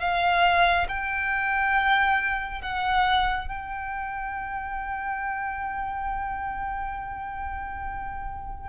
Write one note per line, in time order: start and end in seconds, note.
0.00 0.87 F5
0.89 2.62 G5
2.62 3.47 F#5
3.47 8.69 G5